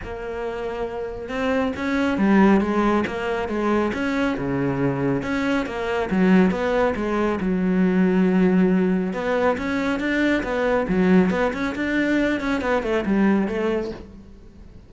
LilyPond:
\new Staff \with { instrumentName = "cello" } { \time 4/4 \tempo 4 = 138 ais2. c'4 | cis'4 g4 gis4 ais4 | gis4 cis'4 cis2 | cis'4 ais4 fis4 b4 |
gis4 fis2.~ | fis4 b4 cis'4 d'4 | b4 fis4 b8 cis'8 d'4~ | d'8 cis'8 b8 a8 g4 a4 | }